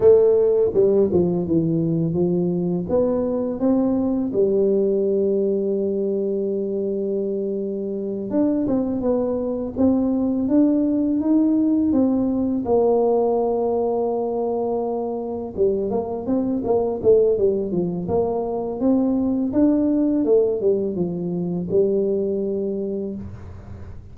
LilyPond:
\new Staff \with { instrumentName = "tuba" } { \time 4/4 \tempo 4 = 83 a4 g8 f8 e4 f4 | b4 c'4 g2~ | g2.~ g8 d'8 | c'8 b4 c'4 d'4 dis'8~ |
dis'8 c'4 ais2~ ais8~ | ais4. g8 ais8 c'8 ais8 a8 | g8 f8 ais4 c'4 d'4 | a8 g8 f4 g2 | }